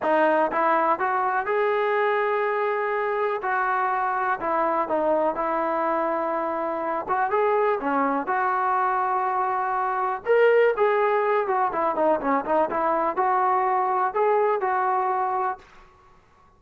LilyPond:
\new Staff \with { instrumentName = "trombone" } { \time 4/4 \tempo 4 = 123 dis'4 e'4 fis'4 gis'4~ | gis'2. fis'4~ | fis'4 e'4 dis'4 e'4~ | e'2~ e'8 fis'8 gis'4 |
cis'4 fis'2.~ | fis'4 ais'4 gis'4. fis'8 | e'8 dis'8 cis'8 dis'8 e'4 fis'4~ | fis'4 gis'4 fis'2 | }